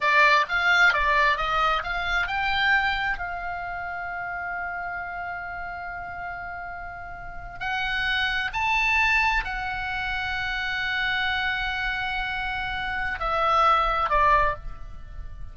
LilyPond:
\new Staff \with { instrumentName = "oboe" } { \time 4/4 \tempo 4 = 132 d''4 f''4 d''4 dis''4 | f''4 g''2 f''4~ | f''1~ | f''1~ |
f''8. fis''2 a''4~ a''16~ | a''8. fis''2.~ fis''16~ | fis''1~ | fis''4 e''2 d''4 | }